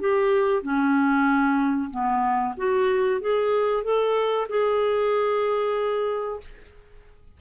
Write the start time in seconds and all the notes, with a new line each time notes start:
0.00 G4
0.62 C#4
1.91 B3
2.57 F#4
3.21 G#4
3.84 A4
4.49 G#4